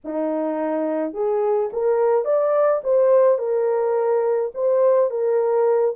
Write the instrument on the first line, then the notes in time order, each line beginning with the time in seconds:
horn
0.04 D#4
1.13 G#4
1.73 A#4
2.24 D5
2.83 C5
3.38 A#4
4.54 C5
5.10 A#4